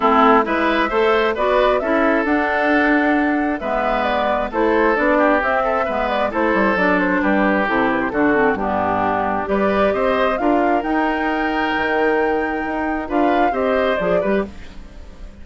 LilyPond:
<<
  \new Staff \with { instrumentName = "flute" } { \time 4/4 \tempo 4 = 133 a'4 e''2 d''4 | e''4 fis''2. | e''4 d''4 c''4 d''4 | e''4. d''8 c''4 d''8 c''8 |
b'4 a'8 b'16 c''16 a'4 g'4~ | g'4 d''4 dis''4 f''4 | g''1~ | g''4 f''4 dis''4 d''4 | }
  \new Staff \with { instrumentName = "oboe" } { \time 4/4 e'4 b'4 c''4 b'4 | a'1 | b'2 a'4. g'8~ | g'8 a'8 b'4 a'2 |
g'2 fis'4 d'4~ | d'4 b'4 c''4 ais'4~ | ais'1~ | ais'4 b'4 c''4. b'8 | }
  \new Staff \with { instrumentName = "clarinet" } { \time 4/4 c'4 e'4 a'4 fis'4 | e'4 d'2. | b2 e'4 d'4 | c'4 b4 e'4 d'4~ |
d'4 e'4 d'8 c'8 b4~ | b4 g'2 f'4 | dis'1~ | dis'4 f'4 g'4 gis'8 g'8 | }
  \new Staff \with { instrumentName = "bassoon" } { \time 4/4 a4 gis4 a4 b4 | cis'4 d'2. | gis2 a4 b4 | c'4 gis4 a8 g8 fis4 |
g4 c4 d4 g,4~ | g,4 g4 c'4 d'4 | dis'2 dis2 | dis'4 d'4 c'4 f8 g8 | }
>>